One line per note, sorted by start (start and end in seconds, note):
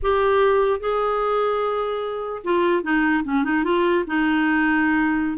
0.02 0.80 G4
0.80 2.42 G#4
2.44 2.83 F4
2.83 3.23 D#4
3.24 3.43 C#4
3.43 3.64 D#4
3.64 4.04 F4
4.07 5.38 D#4